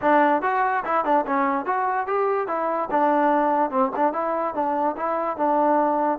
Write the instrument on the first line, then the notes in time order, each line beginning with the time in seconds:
trombone
0.01 D4
0.42 F#4
0.85 E4
1.04 D4
1.26 C#4
1.65 F#4
2.06 G4
2.47 E4
2.90 D4
3.70 C4
3.96 D4
4.13 E4
4.54 D4
4.96 E4
5.37 D4